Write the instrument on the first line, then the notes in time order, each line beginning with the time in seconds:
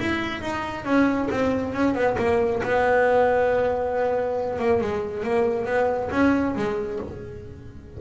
double bass
0.00 E4
0.42 D#4
0.85 C#4
1.31 C4
1.74 C#4
1.95 B3
2.18 A#3
2.63 B3
4.59 A#3
4.81 G#3
5.24 A#3
5.66 B3
6.11 C#4
6.56 G#3